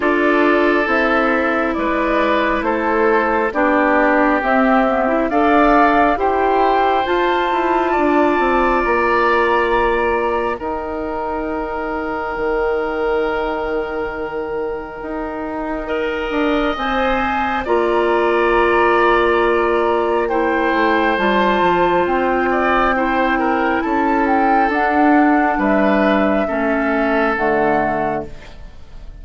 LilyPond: <<
  \new Staff \with { instrumentName = "flute" } { \time 4/4 \tempo 4 = 68 d''4 e''4 d''4 c''4 | d''4 e''4 f''4 g''4 | a''2 ais''2 | g''1~ |
g''2. gis''4 | ais''2. g''4 | a''4 g''2 a''8 g''8 | fis''4 e''2 fis''4 | }
  \new Staff \with { instrumentName = "oboe" } { \time 4/4 a'2 b'4 a'4 | g'2 d''4 c''4~ | c''4 d''2. | ais'1~ |
ais'2 dis''2 | d''2. c''4~ | c''4. d''8 c''8 ais'8 a'4~ | a'4 b'4 a'2 | }
  \new Staff \with { instrumentName = "clarinet" } { \time 4/4 f'4 e'2. | d'4 c'8 b16 e'16 a'4 g'4 | f'1 | dis'1~ |
dis'2 ais'4 c''4 | f'2. e'4 | f'2 e'2 | d'2 cis'4 a4 | }
  \new Staff \with { instrumentName = "bassoon" } { \time 4/4 d'4 c'4 gis4 a4 | b4 c'4 d'4 e'4 | f'8 e'8 d'8 c'8 ais2 | dis'2 dis2~ |
dis4 dis'4. d'8 c'4 | ais2.~ ais8 a8 | g8 f8 c'2 cis'4 | d'4 g4 a4 d4 | }
>>